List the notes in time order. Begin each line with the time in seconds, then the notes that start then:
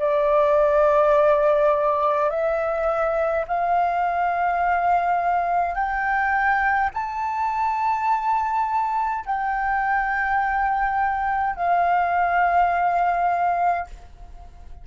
0.00 D5
2.30 E5
3.48 F5
5.75 G5
6.94 A5
9.26 G5
11.56 F5